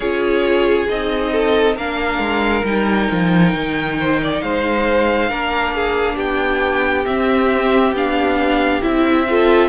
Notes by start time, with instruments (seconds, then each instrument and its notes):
0.00 cello C#4, viola F4, violin G#4 C#5
0.88 cello C4, viola D#4, violin D#5
1.31 violin A4
1.76 cello A#3, viola D4, violin A#4 F5
2.18 cello G#3
2.64 cello G3, viola D#4, violin G5
3.11 cello F3
3.53 cello D#3
3.99 violin C5
4.22 violin D5
4.40 cello G#3, violin C5 F5
5.29 cello A#3, viola D4, violin A#4
5.74 violin G#4
6.15 cello B3, violin G4 G5
7.05 viola C4, cello C4, violin E5
7.92 cello B3, viola D4, violin F5
8.81 cello C4, viola E4, violin E5
9.29 viola F4, violin A4